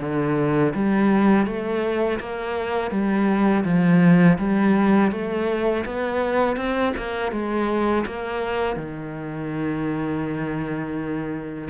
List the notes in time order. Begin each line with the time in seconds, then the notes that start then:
0.00 D3
0.75 G3
1.46 A3
2.20 A#3
2.91 G3
3.65 F3
4.38 G3
5.12 A3
5.86 B3
6.57 C4
6.97 A#3
7.32 G#3
8.06 A#3
8.76 D#3